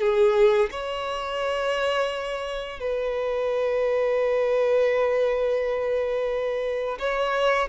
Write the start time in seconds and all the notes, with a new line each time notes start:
0.00 G#4
0.71 C#5
2.80 B4
6.99 C#5